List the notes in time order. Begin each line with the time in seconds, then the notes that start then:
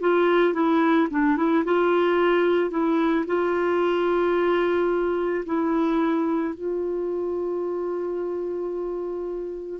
0.00 F4
0.53 E4
1.10 D4
1.36 E4
1.65 F4
2.70 E4
3.26 F4
5.45 E4
6.54 F4